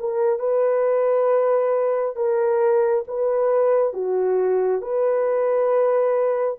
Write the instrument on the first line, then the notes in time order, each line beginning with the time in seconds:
horn
0.00 A#4
0.40 B4
2.16 A#4
3.08 B4
3.94 F#4
4.82 B4